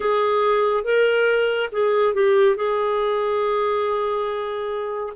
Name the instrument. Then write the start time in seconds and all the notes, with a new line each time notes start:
clarinet
0.00 G#4
0.84 A#4
1.71 G#4
2.14 G4
2.56 G#4